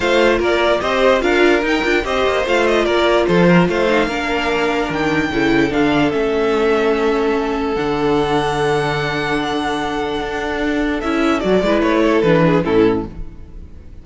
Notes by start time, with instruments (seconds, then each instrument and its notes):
0.00 cello A3, viola F4, violin C5 F5
0.38 cello A#3, violin A#4 D5
0.80 cello C4, viola G4, violin C5 D#5
1.20 cello D4, viola F4, violin A#4 F5
1.62 viola D#4, cello D#4, violin G5
1.83 cello D4, viola F4
2.03 cello C4, viola G4, violin C5 D#5
2.26 cello A#3
2.45 cello A3, viola F4, violin F5
2.66 violin D#5
2.84 cello A#3, violin A#4 D5
3.26 cello F3, violin A4 C5
3.47 violin A#4
3.68 cello A3, violin C5 F5
3.88 viola D#4
4.06 cello A#3, viola D4, violin A#4
4.89 cello D#3, violin G5
5.31 cello C#3, viola E4, violin A4
5.69 cello D3, viola D4, violin F5
6.11 cello A3, viola C#4, violin E5
7.74 cello D3, viola D4, violin F#5
10.20 cello D4
11.00 cello C#4, viola E4, violin E5
11.40 cello F#3, viola F#4, violin D5
11.62 cello G#3, viola E4, violin B4
11.81 cello A3, violin C#5
12.03 violin A4
12.22 cello E3, viola D4, violin B4
12.45 violin G#4
12.64 cello A2, viola C#4, violin E4 A4